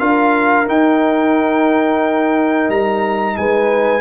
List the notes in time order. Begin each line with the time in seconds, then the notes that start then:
0.00 D4 F4 A#4 F5
0.67 D#4 G5
2.69 G3 A#5
3.37 G#3 B4 G#5